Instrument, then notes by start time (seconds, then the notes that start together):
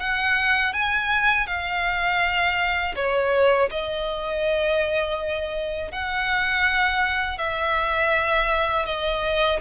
violin
0.00 F#5
0.73 G#5
1.47 F5
2.96 C#5
3.71 D#5
5.92 F#5
7.38 E5
8.86 D#5